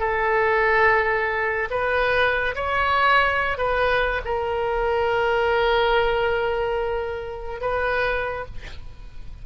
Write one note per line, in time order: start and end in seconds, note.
0.00 1.69 A4
1.71 2.55 B4
2.55 3.58 C#5
3.58 4.21 B4
4.25 7.61 A#4
7.61 8.46 B4